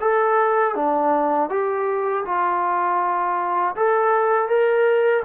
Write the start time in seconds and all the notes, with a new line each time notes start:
0.00 A4
0.75 D4
1.49 G4
2.25 F4
3.75 A4
4.48 A#4